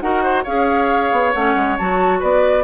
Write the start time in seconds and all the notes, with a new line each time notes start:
0.00 D#4 F#4 A#4 F#5
0.23 C5
0.43 C#4 G#4 C#5 F5
1.11 B3
1.33 A3 C#4 F#5
1.55 G#3
1.77 F#3 F#4 A5
2.19 B3 B4 D5